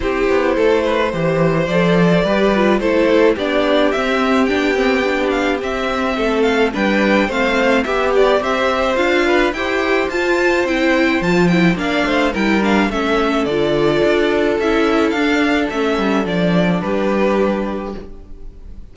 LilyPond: <<
  \new Staff \with { instrumentName = "violin" } { \time 4/4 \tempo 4 = 107 c''2. d''4~ | d''4 c''4 d''4 e''4 | g''4. f''8 e''4. f''8 | g''4 f''4 e''8 d''8 e''4 |
f''4 g''4 a''4 g''4 | a''8 g''8 f''4 g''8 f''8 e''4 | d''2 e''4 f''4 | e''4 d''4 b'2 | }
  \new Staff \with { instrumentName = "violin" } { \time 4/4 g'4 a'8 b'8 c''2 | b'4 a'4 g'2~ | g'2. a'4 | b'4 c''4 g'4 c''4~ |
c''8 b'8 c''2.~ | c''4 d''8 c''8 ais'4 a'4~ | a'1~ | a'2 g'2 | }
  \new Staff \with { instrumentName = "viola" } { \time 4/4 e'2 g'4 a'4 | g'8 f'8 e'4 d'4 c'4 | d'8 c'8 d'4 c'2 | d'4 c'4 g'2 |
f'4 g'4 f'4 e'4 | f'8 e'8 d'4 e'8 d'8 cis'4 | f'2 e'4 d'4 | cis'4 d'2. | }
  \new Staff \with { instrumentName = "cello" } { \time 4/4 c'8 b8 a4 e4 f4 | g4 a4 b4 c'4 | b2 c'4 a4 | g4 a4 b4 c'4 |
d'4 e'4 f'4 c'4 | f4 ais8 a8 g4 a4 | d4 d'4 cis'4 d'4 | a8 g8 f4 g2 | }
>>